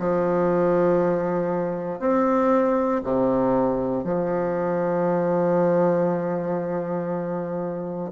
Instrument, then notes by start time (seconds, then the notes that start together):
bassoon
0.00 F3
2.00 C4
3.04 C3
4.04 F3